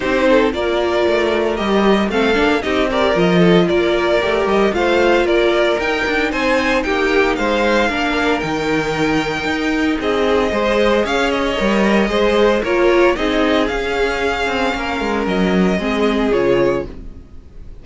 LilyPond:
<<
  \new Staff \with { instrumentName = "violin" } { \time 4/4 \tempo 4 = 114 c''4 d''2 dis''4 | f''4 dis''8 d''8 dis''4 d''4~ | d''8 dis''8 f''4 d''4 g''4 | gis''4 g''4 f''2 |
g''2. dis''4~ | dis''4 f''8 dis''2~ dis''8 | cis''4 dis''4 f''2~ | f''4 dis''2 cis''4 | }
  \new Staff \with { instrumentName = "violin" } { \time 4/4 g'8 a'8 ais'2. | a'4 g'8 ais'4 a'8 ais'4~ | ais'4 c''4 ais'2 | c''4 g'4 c''4 ais'4~ |
ais'2. gis'4 | c''4 cis''2 c''4 | ais'4 gis'2. | ais'2 gis'2 | }
  \new Staff \with { instrumentName = "viola" } { \time 4/4 dis'4 f'2 g'4 | c'8 d'8 dis'8 g'8 f'2 | g'4 f'2 dis'4~ | dis'2. d'4 |
dis'1 | gis'2 ais'4 gis'4 | f'4 dis'4 cis'2~ | cis'2 c'4 f'4 | }
  \new Staff \with { instrumentName = "cello" } { \time 4/4 c'4 ais4 a4 g4 | a8 ais8 c'4 f4 ais4 | a8 g8 a4 ais4 dis'8 d'8 | c'4 ais4 gis4 ais4 |
dis2 dis'4 c'4 | gis4 cis'4 g4 gis4 | ais4 c'4 cis'4. c'8 | ais8 gis8 fis4 gis4 cis4 | }
>>